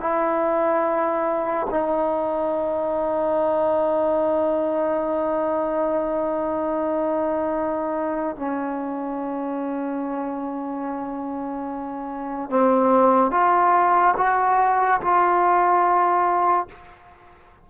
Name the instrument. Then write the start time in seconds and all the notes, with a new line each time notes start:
trombone
0.00 E4
1.70 D#4
8.36 C#4
12.50 C4
13.31 F4
14.17 F#4
15.01 F4